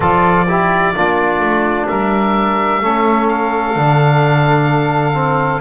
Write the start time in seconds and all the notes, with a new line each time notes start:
0.00 F3 F4 A4 D5
0.47 E4 G4
0.93 A#3 D4 F4
1.39 A3
1.88 G3 A#4 E5
2.81 A3 C#4 A4
3.28 F5
3.75 D3 D4
5.13 C4